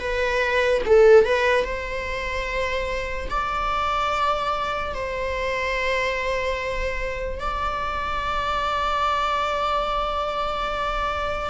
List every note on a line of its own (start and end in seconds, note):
0.00 0.82 B4
0.86 1.26 A4
1.26 1.65 B4
1.65 3.29 C5
3.30 4.95 D5
4.95 7.40 C5
7.40 11.50 D5